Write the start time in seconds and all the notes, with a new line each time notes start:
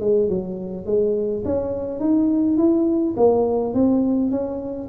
0.00 G#3
0.29 F#3
0.85 G#3
1.45 C#4
1.99 D#4
2.57 E4
3.16 A#3
3.74 C4
4.31 C#4